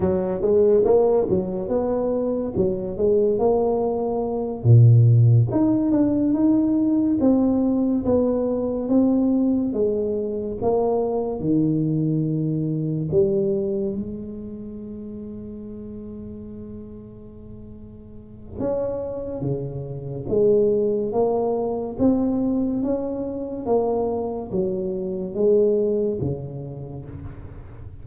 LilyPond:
\new Staff \with { instrumentName = "tuba" } { \time 4/4 \tempo 4 = 71 fis8 gis8 ais8 fis8 b4 fis8 gis8 | ais4. ais,4 dis'8 d'8 dis'8~ | dis'8 c'4 b4 c'4 gis8~ | gis8 ais4 dis2 g8~ |
g8 gis2.~ gis8~ | gis2 cis'4 cis4 | gis4 ais4 c'4 cis'4 | ais4 fis4 gis4 cis4 | }